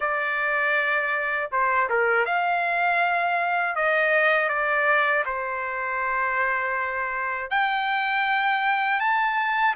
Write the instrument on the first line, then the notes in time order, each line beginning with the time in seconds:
trumpet
0.00 D5
1.51 C5
1.89 A#4
2.25 F5
3.75 D#5
4.49 D5
5.25 C5
7.50 G5
9.00 A5